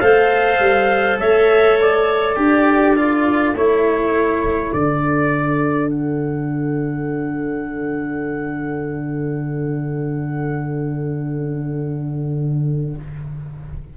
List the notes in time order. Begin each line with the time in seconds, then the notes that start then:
0.00 A3 A4 C5 F5
0.60 G3
1.19 A3 C#5 E5
1.81 D5
2.35 D4 G4 A4
2.96 F4
3.54 A3 E4 C#5
4.73 D3 D4 D5
5.90 F#5